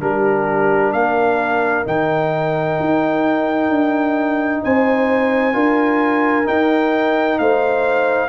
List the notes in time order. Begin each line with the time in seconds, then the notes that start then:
0.00 G3 D4 G4 A#4
0.93 A#3 A#4 F5
1.84 D#3 D#4 G5
2.80 D#4
3.70 D4
4.63 C4 C5 G#5
5.53 D4 F4 A#4
6.45 D#4 G5
7.39 A3 C5 F5